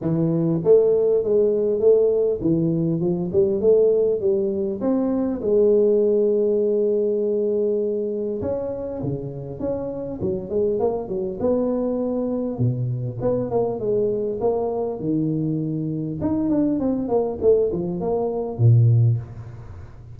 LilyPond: \new Staff \with { instrumentName = "tuba" } { \time 4/4 \tempo 4 = 100 e4 a4 gis4 a4 | e4 f8 g8 a4 g4 | c'4 gis2.~ | gis2 cis'4 cis4 |
cis'4 fis8 gis8 ais8 fis8 b4~ | b4 b,4 b8 ais8 gis4 | ais4 dis2 dis'8 d'8 | c'8 ais8 a8 f8 ais4 ais,4 | }